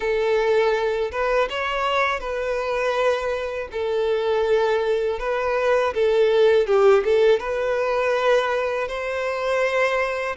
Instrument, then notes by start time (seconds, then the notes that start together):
violin
0.00 A4
1.11 B4
1.49 C#5
2.20 B4
3.71 A4
5.19 B4
5.94 A4
6.66 G4
7.04 A4
7.39 B4
8.88 C5